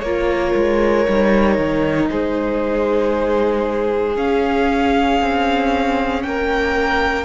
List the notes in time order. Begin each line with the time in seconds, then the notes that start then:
0.00 A#3 F4 A#4 C#5
0.55 G#3
1.08 G3 D#4
1.59 D#3
2.10 G#3 G#4 C5
4.16 C#4 F5
5.21 C4
6.22 A#3 A#4 G5